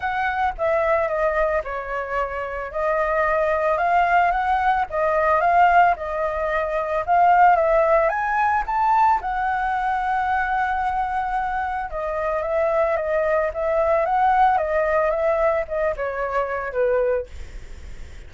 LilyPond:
\new Staff \with { instrumentName = "flute" } { \time 4/4 \tempo 4 = 111 fis''4 e''4 dis''4 cis''4~ | cis''4 dis''2 f''4 | fis''4 dis''4 f''4 dis''4~ | dis''4 f''4 e''4 gis''4 |
a''4 fis''2.~ | fis''2 dis''4 e''4 | dis''4 e''4 fis''4 dis''4 | e''4 dis''8 cis''4. b'4 | }